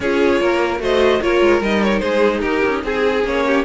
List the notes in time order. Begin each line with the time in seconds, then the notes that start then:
0.00 C#4 F4 G#4 C#5
0.40 A#3 A#4
0.79 A3 F#4 C5 D#5
1.21 A#3 F4 A#4 C#5
1.40 G#3
1.60 G3 D#4 D#5
1.83 C#5
1.99 G#3 G#4 C5
2.41 D#4 G4 A#4
2.65 C#4
2.83 C4 G#4
3.24 A#3 C#4 C#5
3.46 G4